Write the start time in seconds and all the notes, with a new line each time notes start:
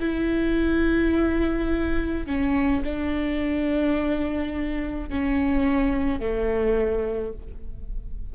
0.00 E4
2.26 C#4
2.84 D4
5.09 C#4
6.20 A3